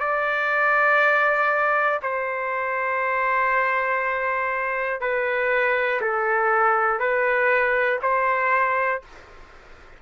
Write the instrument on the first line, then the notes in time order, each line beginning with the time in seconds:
trumpet
0.00 D5
2.03 C5
5.00 B4
6.01 A4
7.00 B4
8.02 C5